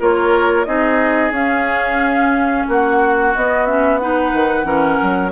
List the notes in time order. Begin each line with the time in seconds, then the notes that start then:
0.00 A#3 F4 A#4 C#5
0.65 C4 D#4 G#4 D#5
1.31 C#4 F5
2.68 A#3 F#4 F#5
3.36 B3 D#5
3.66 C#4 E5
3.98 D#4 B4 F#5
4.33 D#3
4.64 E3 C#4 A#4
5.03 F#3